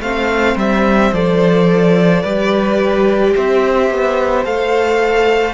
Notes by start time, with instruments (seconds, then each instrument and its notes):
0.00 cello A3, viola C4, violin C5 F5
0.56 cello G3, violin E5
1.12 cello F3, viola A4, violin D5
2.22 cello G3, viola G4, violin B4
3.35 cello C4, violin C5 E5
3.90 cello B3
4.45 cello A3, viola A4, violin F5